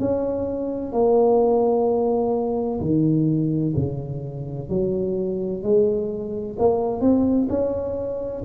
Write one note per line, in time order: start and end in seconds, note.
0.00 0.92 C#4
0.92 2.80 A#3
2.81 3.75 D#3
3.76 4.69 C#3
4.69 5.63 F#3
5.63 6.57 G#3
6.59 7.01 A#3
7.01 7.48 C4
7.49 8.43 C#4